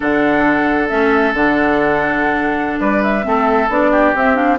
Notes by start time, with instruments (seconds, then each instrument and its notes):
0.00 bassoon D3, clarinet D4, oboe A4, flute F#5
0.88 bassoon A3, clarinet C#4, flute E5
1.33 bassoon D3, clarinet D4, flute F#5
2.79 bassoon G3, oboe B4, flute D5
3.02 flute E5
3.23 bassoon A3, clarinet C4, oboe A4
3.68 bassoon B3, clarinet D4, flute D5
3.91 oboe G4
4.14 bassoon C4, clarinet C4, flute E5
4.35 clarinet D4, flute F5